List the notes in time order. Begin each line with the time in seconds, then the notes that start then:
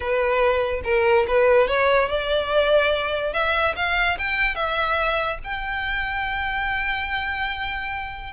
0.00 B4
0.84 A#4
1.27 B4
1.67 C#5
2.09 D5
3.33 E5
3.76 F5
4.18 G5
4.55 E5
5.44 G5